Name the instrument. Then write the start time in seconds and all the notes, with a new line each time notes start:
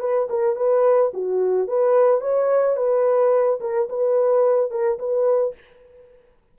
horn
0.00 B4
0.30 A#4
0.56 B4
1.14 F#4
1.68 B4
2.21 C#5
2.76 B4
3.60 A#4
3.89 B4
4.71 A#4
4.99 B4